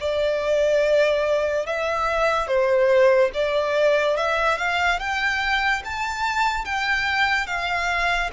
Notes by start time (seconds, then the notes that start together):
0.00 D5
1.66 E5
2.47 C5
3.33 D5
4.17 E5
4.58 F5
4.99 G5
5.84 A5
6.65 G5
7.47 F5